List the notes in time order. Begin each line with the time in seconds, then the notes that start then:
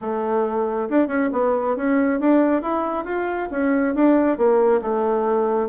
0.01 A3
0.89 D4
1.07 C#4
1.32 B3
1.76 C#4
2.19 D4
2.62 E4
3.04 F4
3.51 C#4
3.94 D4
4.37 A#3
4.81 A3